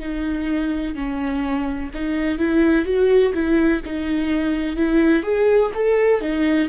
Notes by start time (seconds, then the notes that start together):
0.00 D#4
0.95 C#4
1.94 D#4
2.38 E4
2.85 F#4
3.34 E4
3.85 D#4
4.76 E4
5.23 G#4
5.74 A4
6.21 D#4